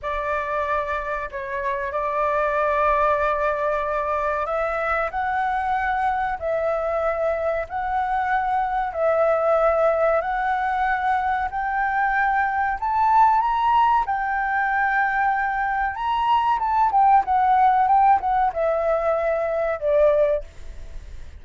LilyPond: \new Staff \with { instrumentName = "flute" } { \time 4/4 \tempo 4 = 94 d''2 cis''4 d''4~ | d''2. e''4 | fis''2 e''2 | fis''2 e''2 |
fis''2 g''2 | a''4 ais''4 g''2~ | g''4 ais''4 a''8 g''8 fis''4 | g''8 fis''8 e''2 d''4 | }